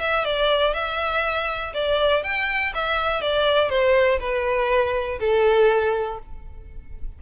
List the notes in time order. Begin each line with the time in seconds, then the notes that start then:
0.00 E5
0.25 D5
0.74 E5
1.74 D5
2.23 G5
2.75 E5
3.21 D5
3.69 C5
4.20 B4
5.20 A4